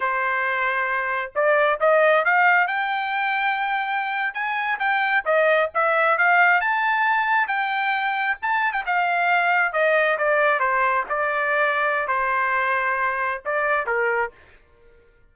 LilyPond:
\new Staff \with { instrumentName = "trumpet" } { \time 4/4 \tempo 4 = 134 c''2. d''4 | dis''4 f''4 g''2~ | g''4.~ g''16 gis''4 g''4 dis''16~ | dis''8. e''4 f''4 a''4~ a''16~ |
a''8. g''2 a''8. g''16 f''16~ | f''4.~ f''16 dis''4 d''4 c''16~ | c''8. d''2~ d''16 c''4~ | c''2 d''4 ais'4 | }